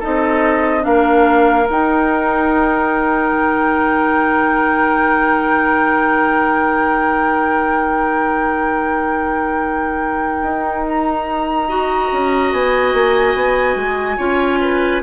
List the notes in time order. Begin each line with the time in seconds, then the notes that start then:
0.00 D#4 A4 D#5
0.06 C4
0.82 A#3 D4 A#4 F5
1.69 D#4 G5
3.33 D#3
10.43 D#4
10.89 A#5
11.69 F#4 D#5
12.13 C#4
12.53 B3 G#5
12.94 A#3
13.35 B3
13.76 G#3
14.18 C#4 F4 C#5
14.61 B4